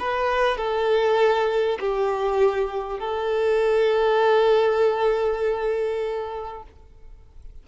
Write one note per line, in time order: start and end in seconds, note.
0.00 0.58 B4
0.58 1.79 A4
1.80 3.00 G4
3.00 6.64 A4